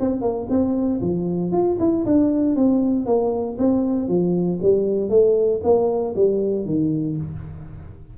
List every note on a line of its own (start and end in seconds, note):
0.00 0.22 C4
0.22 0.47 A#3
0.50 1.01 C4
1.01 1.52 F3
1.52 1.78 F4
1.80 2.05 E4
2.06 2.56 D4
2.56 3.06 C4
3.06 3.57 A#3
3.59 4.08 C4
4.08 4.60 F3
4.62 5.10 G3
5.10 5.61 A3
5.64 6.15 A#3
6.16 6.66 G3
6.66 7.17 D#3